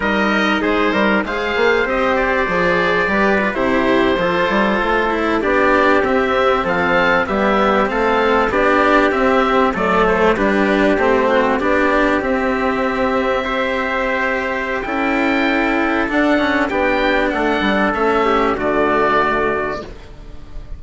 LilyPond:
<<
  \new Staff \with { instrumentName = "oboe" } { \time 4/4 \tempo 4 = 97 dis''4 c''4 f''4 dis''8 d''8~ | d''4.~ d''16 c''2~ c''16~ | c''8. d''4 e''4 f''4 e''16~ | e''8. f''4 d''4 e''4 d''16~ |
d''16 c''8 b'4 c''4 d''4 e''16~ | e''1 | g''2 fis''4 g''4 | fis''4 e''4 d''2 | }
  \new Staff \with { instrumentName = "trumpet" } { \time 4/4 ais'4 gis'8 ais'8 c''2~ | c''4 b'8. g'4 a'4~ a'16~ | a'8. g'2 a'4 g'16~ | g'8. a'4 g'2 a'16~ |
a'8. g'4. fis'8 g'4~ g'16~ | g'4.~ g'16 c''2~ c''16 | a'2. g'4 | a'4. g'8 fis'2 | }
  \new Staff \with { instrumentName = "cello" } { \time 4/4 dis'2 gis'4 g'4 | gis'4 g'8 f'16 e'4 f'4~ f'16~ | f'16 e'8 d'4 c'2 b16~ | b8. c'4 d'4 c'4 a16~ |
a8. d'4 c'4 d'4 c'16~ | c'4.~ c'16 g'2~ g'16 | e'2 d'8 cis'8 d'4~ | d'4 cis'4 a2 | }
  \new Staff \with { instrumentName = "bassoon" } { \time 4/4 g4 gis8 g8 gis8 ais8 c'4 | f4 g8. c4 f8 g8 a16~ | a8. b4 c'4 f4 g16~ | g8. a4 b4 c'4 fis16~ |
fis8. g4 a4 b4 c'16~ | c'1 | cis'2 d'4 b4 | a8 g8 a4 d2 | }
>>